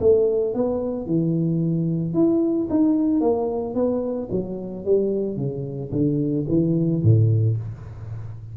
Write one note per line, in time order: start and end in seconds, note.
0.00 0.54 A3
0.54 1.06 B3
1.06 2.14 E3
2.14 2.68 E4
2.70 3.21 D#4
3.21 3.75 A#3
3.75 4.29 B3
4.31 4.85 F#3
4.85 5.37 G3
5.37 5.91 C#3
5.92 6.46 D3
6.49 7.03 E3
7.03 7.57 A2